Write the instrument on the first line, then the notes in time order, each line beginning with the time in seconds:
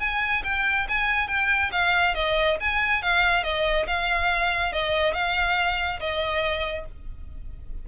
violin
0.00 G#5
0.44 G5
0.88 G#5
1.28 G5
1.72 F5
2.14 D#5
2.60 G#5
3.02 F5
3.44 D#5
3.87 F5
4.73 D#5
5.14 F5
6.00 D#5